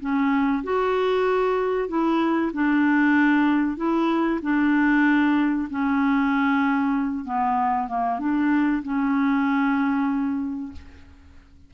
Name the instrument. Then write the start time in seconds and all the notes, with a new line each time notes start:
clarinet
0.00 C#4
0.64 F#4
1.89 E4
2.53 D4
3.77 E4
4.42 D4
5.70 C#4
7.25 B3
7.88 A#3
8.20 D4
8.83 C#4